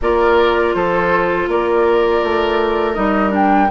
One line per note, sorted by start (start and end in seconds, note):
0.01 0.75 A#3
0.01 2.95 F4
0.01 0.75 A#4
0.01 0.73 D5
0.73 1.47 F3
0.73 1.49 A4
0.73 1.48 C5
1.47 2.21 A#3
1.47 3.70 A#4
1.47 2.94 D5
2.23 2.96 A3
2.94 3.70 G3
2.94 3.30 D#4
2.94 3.31 D#5
3.30 3.67 D4
3.30 3.70 G5